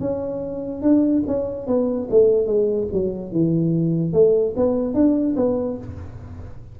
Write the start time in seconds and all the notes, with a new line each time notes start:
0.00 C#4
0.82 D4
1.27 C#4
1.67 B3
2.10 A3
2.46 G#3
2.93 F#3
3.31 E3
4.13 A3
4.56 B3
4.94 D4
5.36 B3